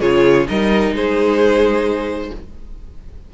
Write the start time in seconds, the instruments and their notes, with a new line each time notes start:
0.00 cello C#3, viola F4, violin G#4 C#5
0.48 cello G3, viola D#4, violin A#4 D#5
0.92 cello G#3, violin G#4 C5